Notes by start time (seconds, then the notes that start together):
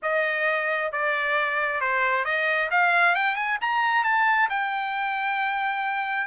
0.02 D#5
0.92 D5
1.80 C5
2.24 D#5
2.70 F5
3.15 G5
3.35 G#5
3.61 A#5
4.04 A5
4.49 G5